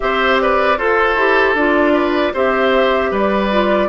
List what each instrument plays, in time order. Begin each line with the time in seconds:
0.00 bassoon C4, clarinet G4, oboe C5, flute E5
0.40 oboe B4, flute D5
0.77 bassoon F4, oboe A4, clarinet A4, flute C5
1.15 bassoon E4, clarinet G4
1.54 bassoon D4, clarinet F4, flute D5
1.93 oboe B4
2.33 bassoon C4, clarinet G4, oboe C5, flute E5
3.10 bassoon G3, oboe B4, flute D5
3.51 clarinet F4